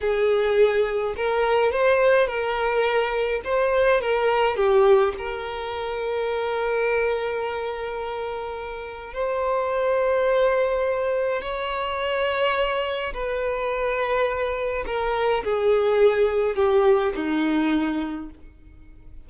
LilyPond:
\new Staff \with { instrumentName = "violin" } { \time 4/4 \tempo 4 = 105 gis'2 ais'4 c''4 | ais'2 c''4 ais'4 | g'4 ais'2.~ | ais'1 |
c''1 | cis''2. b'4~ | b'2 ais'4 gis'4~ | gis'4 g'4 dis'2 | }